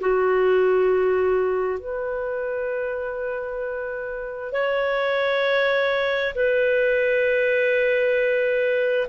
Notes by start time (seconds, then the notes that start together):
0.00 F#4
1.79 B4
4.52 C#5
6.35 B4